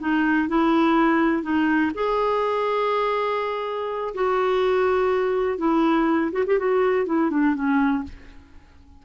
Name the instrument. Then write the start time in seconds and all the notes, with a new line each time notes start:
clarinet
0.00 D#4
0.49 E4
1.43 D#4
1.94 G#4
4.14 F#4
5.58 E4
6.32 F#4
6.46 G4
6.59 F#4
7.06 E4
7.30 D4
7.55 C#4